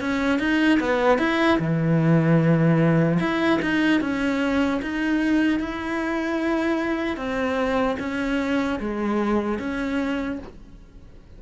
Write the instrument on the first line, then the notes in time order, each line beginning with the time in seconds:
cello
0.00 C#4
0.39 D#4
0.80 B3
1.18 E4
1.58 E3
3.19 E4
3.61 D#4
4.00 C#4
4.82 D#4
5.59 E4
7.16 C4
7.99 C#4
8.79 G#3
9.59 C#4